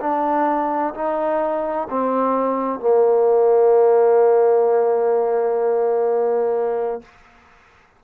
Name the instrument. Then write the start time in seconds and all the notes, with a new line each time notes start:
trombone
0.00 D4
0.94 D#4
1.90 C4
2.80 A#3